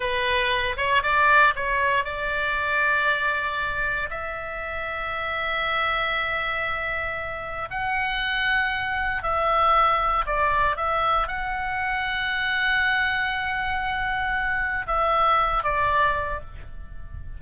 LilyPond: \new Staff \with { instrumentName = "oboe" } { \time 4/4 \tempo 4 = 117 b'4. cis''8 d''4 cis''4 | d''1 | e''1~ | e''2. fis''4~ |
fis''2 e''2 | d''4 e''4 fis''2~ | fis''1~ | fis''4 e''4. d''4. | }